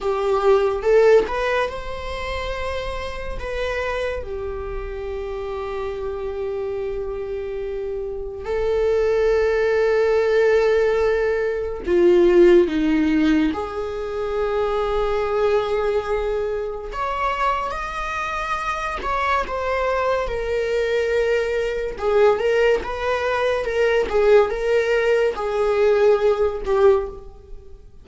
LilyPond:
\new Staff \with { instrumentName = "viola" } { \time 4/4 \tempo 4 = 71 g'4 a'8 b'8 c''2 | b'4 g'2.~ | g'2 a'2~ | a'2 f'4 dis'4 |
gis'1 | cis''4 dis''4. cis''8 c''4 | ais'2 gis'8 ais'8 b'4 | ais'8 gis'8 ais'4 gis'4. g'8 | }